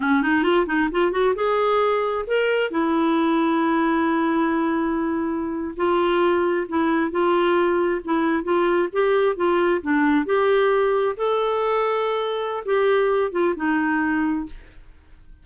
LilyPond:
\new Staff \with { instrumentName = "clarinet" } { \time 4/4 \tempo 4 = 133 cis'8 dis'8 f'8 dis'8 f'8 fis'8 gis'4~ | gis'4 ais'4 e'2~ | e'1~ | e'8. f'2 e'4 f'16~ |
f'4.~ f'16 e'4 f'4 g'16~ | g'8. f'4 d'4 g'4~ g'16~ | g'8. a'2.~ a'16 | g'4. f'8 dis'2 | }